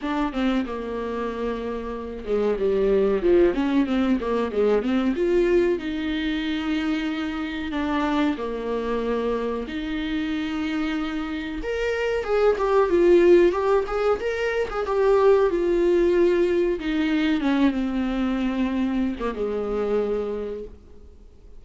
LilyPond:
\new Staff \with { instrumentName = "viola" } { \time 4/4 \tempo 4 = 93 d'8 c'8 ais2~ ais8 gis8 | g4 f8 cis'8 c'8 ais8 gis8 c'8 | f'4 dis'2. | d'4 ais2 dis'4~ |
dis'2 ais'4 gis'8 g'8 | f'4 g'8 gis'8 ais'8. gis'16 g'4 | f'2 dis'4 cis'8 c'8~ | c'4.~ c'16 ais16 gis2 | }